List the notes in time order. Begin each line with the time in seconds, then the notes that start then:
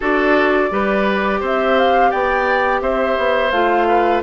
0.00 D4 F#4 A4 D5
0.70 G3 G4 B4
1.40 C4 C5
1.46 E5
1.78 F5
2.10 B3 D5 G5
2.81 C4 C5 E5
3.18 B3
3.50 A3 F4 F5
3.88 B4